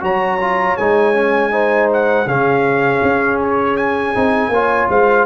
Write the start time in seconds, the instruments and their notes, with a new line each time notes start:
0.00 tuba F#3, trombone F#4, horn C#5, trumpet A#5
0.40 trombone F4
0.77 tuba G#3, trombone D#4, trumpet G#5
1.14 trombone C#4
1.51 trombone D#4, horn C5
1.93 trumpet F#5
2.25 tuba C#3, trombone C#4, horn G#4, trumpet F5
3.02 tuba C#4
3.42 trumpet C#5
3.76 trumpet G#5
4.14 tuba C4, trombone D#4
4.48 tuba A#3, trombone F4, horn C#5
4.89 tuba G#3, horn C5, trumpet F5